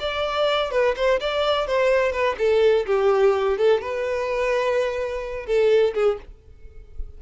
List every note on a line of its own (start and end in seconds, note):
0.00 0.71 D5
0.71 0.95 B4
0.96 1.20 C5
1.20 1.67 D5
1.67 2.12 C5
2.12 2.36 B4
2.39 2.86 A4
2.87 3.58 G4
3.58 3.82 A4
3.82 5.47 B4
5.47 5.94 A4
5.94 6.18 G#4